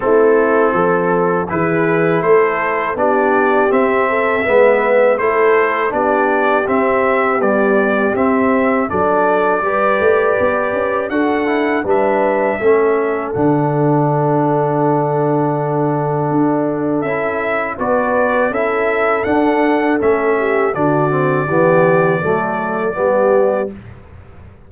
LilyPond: <<
  \new Staff \with { instrumentName = "trumpet" } { \time 4/4 \tempo 4 = 81 a'2 b'4 c''4 | d''4 e''2 c''4 | d''4 e''4 d''4 e''4 | d''2. fis''4 |
e''2 fis''2~ | fis''2. e''4 | d''4 e''4 fis''4 e''4 | d''1 | }
  \new Staff \with { instrumentName = "horn" } { \time 4/4 e'4 a'4 gis'4 a'4 | g'4. a'8 b'4 a'4 | g'1 | a'4 b'2 a'4 |
b'4 a'2.~ | a'1 | b'4 a'2~ a'8 g'8 | fis'4 g'4 a'4 g'4 | }
  \new Staff \with { instrumentName = "trombone" } { \time 4/4 c'2 e'2 | d'4 c'4 b4 e'4 | d'4 c'4 g4 c'4 | d'4 g'2 fis'8 e'8 |
d'4 cis'4 d'2~ | d'2. e'4 | fis'4 e'4 d'4 cis'4 | d'8 c'8 b4 a4 b4 | }
  \new Staff \with { instrumentName = "tuba" } { \time 4/4 a4 f4 e4 a4 | b4 c'4 gis4 a4 | b4 c'4 b4 c'4 | fis4 g8 a8 b8 cis'8 d'4 |
g4 a4 d2~ | d2 d'4 cis'4 | b4 cis'4 d'4 a4 | d4 e4 fis4 g4 | }
>>